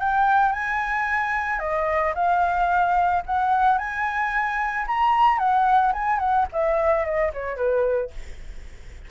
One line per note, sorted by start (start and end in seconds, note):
0.00 0.53 G5
0.53 1.60 G#5
1.60 2.14 D#5
2.15 3.23 F5
3.27 3.78 F#5
3.78 4.86 G#5
4.88 5.39 A#5
5.39 5.93 F#5
5.93 6.19 G#5
6.19 6.46 F#5
6.53 7.05 E5
7.05 7.32 D#5
7.34 7.57 C#5
7.57 8.11 B4